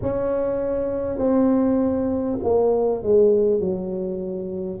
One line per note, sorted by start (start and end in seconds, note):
0.02 1.17 C#4
1.17 2.37 C4
2.43 3.02 A#3
3.02 3.60 G#3
3.60 4.80 F#3